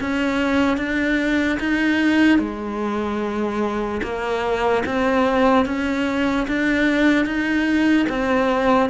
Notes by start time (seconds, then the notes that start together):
0.00 C#4
0.77 D4
1.60 D#4
2.39 G#3
4.02 A#3
4.85 C4
5.65 C#4
6.47 D4
7.25 D#4
8.09 C4